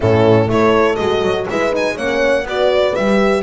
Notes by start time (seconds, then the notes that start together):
0.00 A2 C#4 E4 A4
0.48 A3 E4 A4 C#5
0.95 G#3 F#4 D#5
1.22 F#3
1.49 G#3 E4 B4 E5
1.71 D#4 G#5
1.93 A#3 C#4 C#5 F#5
2.44 B3 F#4 B4 D5
2.95 G3 G4 E5